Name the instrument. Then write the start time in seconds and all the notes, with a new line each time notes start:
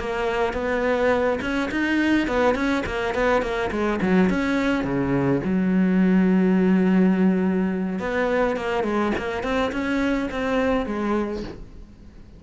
cello
0.00 A#3
0.54 B3
1.42 C#4
1.71 D#4
2.28 B3
2.55 C#4
2.86 A#3
3.15 B3
3.42 A#3
3.72 G#3
4.02 F#3
4.30 C#4
4.84 C#3
5.45 F#3
8.00 B3
8.57 A#3
8.84 G#3
9.18 A#3
9.44 C4
9.72 C#4
10.31 C4
10.86 G#3